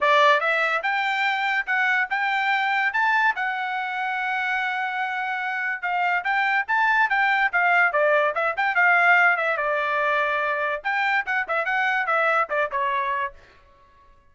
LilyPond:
\new Staff \with { instrumentName = "trumpet" } { \time 4/4 \tempo 4 = 144 d''4 e''4 g''2 | fis''4 g''2 a''4 | fis''1~ | fis''2 f''4 g''4 |
a''4 g''4 f''4 d''4 | e''8 g''8 f''4. e''8 d''4~ | d''2 g''4 fis''8 e''8 | fis''4 e''4 d''8 cis''4. | }